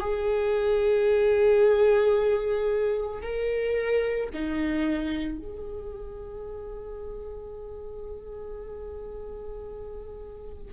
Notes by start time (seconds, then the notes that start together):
0.00 G#4
3.22 A#4
4.33 D#4
5.39 G#4